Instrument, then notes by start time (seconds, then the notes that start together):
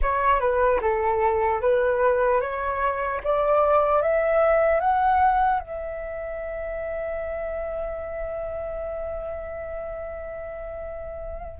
flute
0.02 C#5
0.40 B4
0.81 A4
1.61 B4
2.40 C#5
3.23 D5
4.01 E5
4.80 F#5
5.60 E5